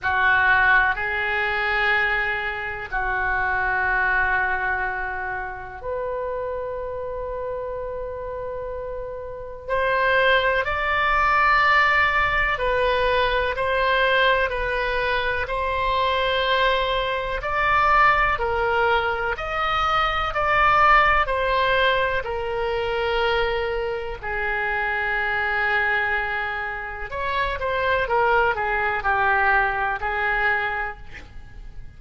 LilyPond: \new Staff \with { instrumentName = "oboe" } { \time 4/4 \tempo 4 = 62 fis'4 gis'2 fis'4~ | fis'2 b'2~ | b'2 c''4 d''4~ | d''4 b'4 c''4 b'4 |
c''2 d''4 ais'4 | dis''4 d''4 c''4 ais'4~ | ais'4 gis'2. | cis''8 c''8 ais'8 gis'8 g'4 gis'4 | }